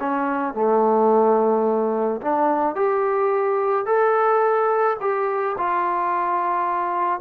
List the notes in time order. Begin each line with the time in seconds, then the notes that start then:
0.00 C#4
0.54 A3
2.21 D4
2.75 G4
3.86 A4
5.01 G4
5.58 F4